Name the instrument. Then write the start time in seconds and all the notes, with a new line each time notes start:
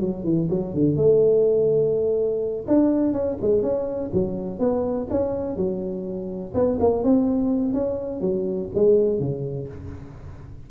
tuba
0.00 F#3
0.24 E3
0.49 F#3
0.73 D3
0.96 A3
2.67 D4
3.13 C#4
3.41 G#3
3.62 C#4
4.13 F#3
4.59 B3
5.10 C#4
5.56 F#3
6.54 B3
6.79 A#3
7.03 C4
7.73 C#4
8.20 F#3
8.74 G#3
9.19 C#3